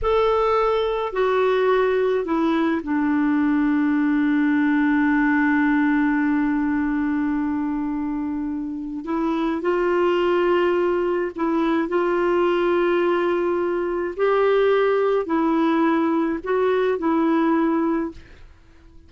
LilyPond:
\new Staff \with { instrumentName = "clarinet" } { \time 4/4 \tempo 4 = 106 a'2 fis'2 | e'4 d'2.~ | d'1~ | d'1 |
e'4 f'2. | e'4 f'2.~ | f'4 g'2 e'4~ | e'4 fis'4 e'2 | }